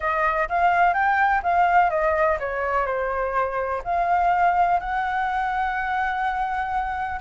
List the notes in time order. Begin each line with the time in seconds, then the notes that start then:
0.00 D#5
0.48 F5
0.93 G5
1.42 F5
1.90 D#5
2.39 C#5
2.86 C5
3.84 F5
4.80 F#5